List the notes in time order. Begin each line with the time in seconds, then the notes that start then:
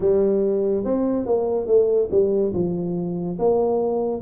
0.00 G3
0.84 C4
1.26 A#3
1.67 A3
2.11 G3
2.54 F3
3.38 A#3